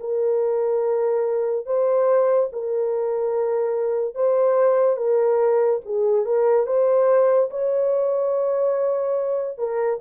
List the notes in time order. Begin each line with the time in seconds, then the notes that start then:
0.00 A#4
1.66 C5
2.52 A#4
4.14 C5
4.97 A#4
5.85 G#4
6.25 A#4
6.66 C5
7.50 C#5
9.58 A#4